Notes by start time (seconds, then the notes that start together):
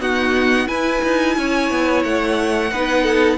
0.00 B3 D#4 F#4 F#5
0.67 E4 B4 G#5
1.05 D#4
1.38 C#4 C#5
1.71 B3
2.04 A3 F#5
2.72 B3 D#4 B4
3.03 A4